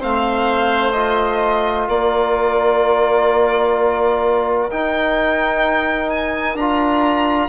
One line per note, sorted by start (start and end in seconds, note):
0.00 1.88 A3
0.00 0.94 C4
0.00 1.87 C5
0.00 0.93 F5
0.93 4.70 F4
0.93 1.86 D#5
1.87 4.70 A#3
1.87 7.49 A#4
1.87 4.70 D5
4.70 6.58 D#4
4.70 6.55 D#4
4.70 6.10 G5
6.10 6.57 G#5
6.55 7.48 D4
6.55 7.49 F4
6.55 7.49 A#5